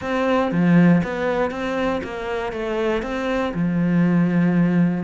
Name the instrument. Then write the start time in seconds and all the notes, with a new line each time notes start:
cello
0.01 C4
0.51 F3
1.03 B3
1.50 C4
2.03 A#3
2.52 A3
3.02 C4
3.54 F3